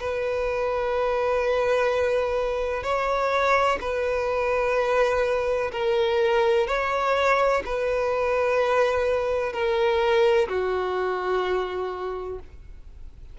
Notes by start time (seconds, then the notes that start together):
0.00 B4
2.83 C#5
3.81 B4
5.72 A#4
6.68 C#5
7.65 B4
9.53 A#4
10.48 F#4